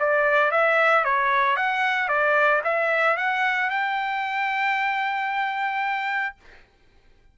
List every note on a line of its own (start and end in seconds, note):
0.00 0.52 D5
0.52 1.05 E5
1.05 1.57 C#5
1.57 2.09 F#5
2.09 2.62 D5
2.64 3.17 E5
3.17 3.70 F#5
3.70 6.36 G5